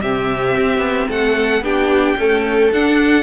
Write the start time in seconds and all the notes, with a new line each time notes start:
0.00 C3 C4 G4 E5
0.57 C4
0.77 B3
1.09 A3 A4 F#5
1.61 B3 D4 G4 G5
2.16 A3 C#4 A4
2.71 D4 F#5